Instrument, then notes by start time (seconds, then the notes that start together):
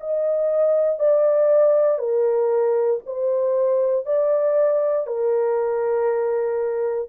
horn
0.00 D#5
0.99 D5
1.98 A#4
3.06 C5
4.06 D5
5.07 A#4